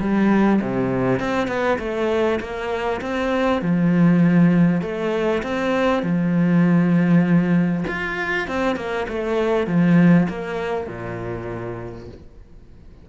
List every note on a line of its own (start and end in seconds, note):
0.00 0.61 G3
0.62 1.20 C3
1.20 1.48 C4
1.48 1.78 B3
1.79 2.40 A3
2.40 3.01 A#3
3.01 3.61 C4
3.61 4.82 F3
4.82 5.42 A3
5.43 6.03 C4
6.03 7.85 F3
7.88 8.48 F4
8.48 8.76 C4
8.76 9.06 A#3
9.09 9.67 A3
9.67 10.28 F3
10.29 10.87 A#3
10.87 12.08 A#2